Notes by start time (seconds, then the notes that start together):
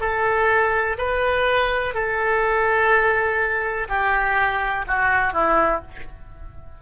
0.00 A4
0.98 B4
1.94 A4
3.88 G4
4.87 F#4
5.33 E4